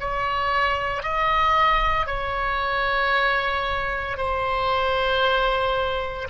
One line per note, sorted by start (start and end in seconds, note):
0.00 1.03 C#5
1.03 2.07 D#5
2.07 4.17 C#5
4.17 6.28 C5